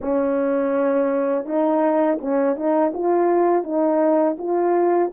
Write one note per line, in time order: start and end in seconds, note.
0.01 1.45 C#4
1.45 2.18 D#4
2.20 2.55 C#4
2.55 2.92 D#4
2.93 3.63 F4
3.63 4.36 D#4
4.38 5.11 F4